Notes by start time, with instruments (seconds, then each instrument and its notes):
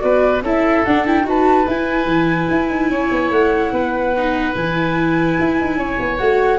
0.00 tuba B3, viola F#4, oboe B4, flute D5
0.42 tuba C#4, viola E4, oboe A4, flute E5
0.85 viola D4, tuba D4, flute F#5
1.07 viola E4, flute G5
1.23 tuba D#4, viola F#4, oboe B4, flute A5
1.67 tuba E4, viola E4, flute G#5
2.06 tuba E3
2.51 tuba E4
2.70 tuba D#4
2.90 tuba C#4, oboe C#5
3.12 tuba B3
3.31 tuba A3, flute F#5
3.72 tuba B3, oboe B4
4.18 viola D#4
4.54 tuba E3, viola E4, flute G#5
5.40 tuba E4
5.61 tuba D#4
5.77 tuba C#4, oboe C#5
5.99 tuba B3
6.18 tuba A3, viola F#4, flute F#5